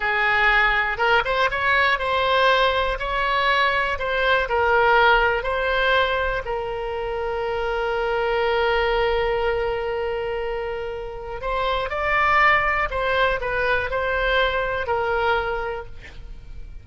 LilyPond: \new Staff \with { instrumentName = "oboe" } { \time 4/4 \tempo 4 = 121 gis'2 ais'8 c''8 cis''4 | c''2 cis''2 | c''4 ais'2 c''4~ | c''4 ais'2.~ |
ais'1~ | ais'2. c''4 | d''2 c''4 b'4 | c''2 ais'2 | }